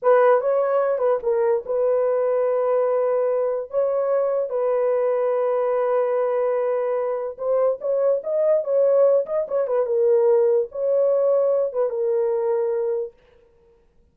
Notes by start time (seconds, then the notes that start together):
0.02 B4
0.40 C#5
0.98 B4
1.22 A#4
1.65 B4
3.70 C#5
4.49 B4
7.38 C5
7.80 C#5
8.23 D#5
8.64 C#5
9.26 D#5
9.48 C#5
9.67 B4
9.86 A#4
10.71 C#5
11.72 B4
11.89 A#4